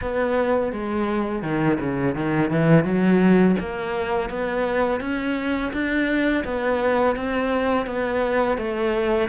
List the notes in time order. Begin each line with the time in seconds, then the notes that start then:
0.01 B3
0.72 G#3
1.42 D#3
1.79 C#3
2.15 D#3
2.50 E3
2.84 F#3
3.59 A#3
4.29 B3
5.00 C#4
5.72 D4
6.44 B3
7.16 C4
7.86 B3
8.57 A3